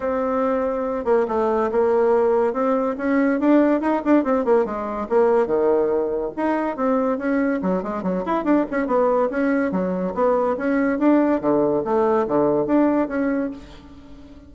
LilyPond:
\new Staff \with { instrumentName = "bassoon" } { \time 4/4 \tempo 4 = 142 c'2~ c'8 ais8 a4 | ais2 c'4 cis'4 | d'4 dis'8 d'8 c'8 ais8 gis4 | ais4 dis2 dis'4 |
c'4 cis'4 fis8 gis8 fis8 e'8 | d'8 cis'8 b4 cis'4 fis4 | b4 cis'4 d'4 d4 | a4 d4 d'4 cis'4 | }